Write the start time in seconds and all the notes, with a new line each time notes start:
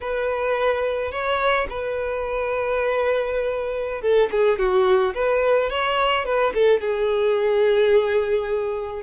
0.01 B4
1.11 C#5
1.69 B4
4.01 A4
4.31 G#4
4.58 F#4
5.14 B4
5.69 C#5
6.25 B4
6.54 A4
6.81 G#4